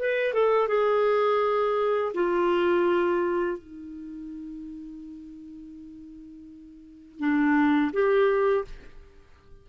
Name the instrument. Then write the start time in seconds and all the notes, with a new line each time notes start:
clarinet
0.00 B4
0.34 A4
0.69 G#4
2.15 F4
3.58 D#4
7.20 D4
7.93 G4